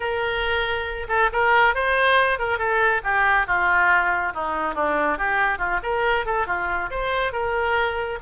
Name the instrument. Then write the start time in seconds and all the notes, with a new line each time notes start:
oboe
0.00 A#4
1.08 A4
1.32 A#4
1.74 C5
2.38 A#4
2.58 A4
3.03 G4
3.46 F4
4.33 D#4
4.75 D4
5.17 G4
5.58 F4
5.83 A#4
6.25 A4
6.46 F4
6.90 C5
7.32 A#4